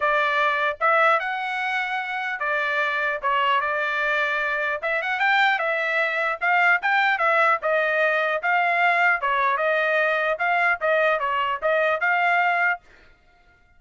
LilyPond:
\new Staff \with { instrumentName = "trumpet" } { \time 4/4 \tempo 4 = 150 d''2 e''4 fis''4~ | fis''2 d''2 | cis''4 d''2. | e''8 fis''8 g''4 e''2 |
f''4 g''4 e''4 dis''4~ | dis''4 f''2 cis''4 | dis''2 f''4 dis''4 | cis''4 dis''4 f''2 | }